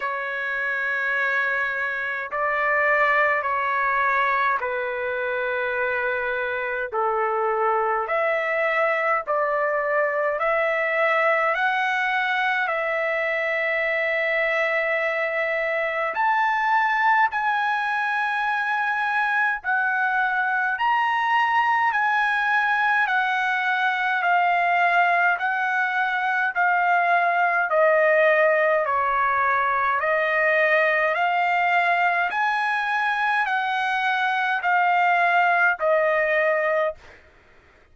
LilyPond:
\new Staff \with { instrumentName = "trumpet" } { \time 4/4 \tempo 4 = 52 cis''2 d''4 cis''4 | b'2 a'4 e''4 | d''4 e''4 fis''4 e''4~ | e''2 a''4 gis''4~ |
gis''4 fis''4 ais''4 gis''4 | fis''4 f''4 fis''4 f''4 | dis''4 cis''4 dis''4 f''4 | gis''4 fis''4 f''4 dis''4 | }